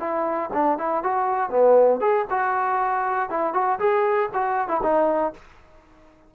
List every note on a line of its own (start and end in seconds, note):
0.00 0.50 E4
0.53 0.78 D4
0.78 1.04 E4
1.04 1.50 F#4
1.50 2.01 B3
2.01 2.26 G#4
2.30 3.30 F#4
3.30 3.54 E4
3.54 3.79 F#4
3.79 4.30 G#4
4.34 4.68 F#4
4.68 4.81 E4
4.83 5.33 D#4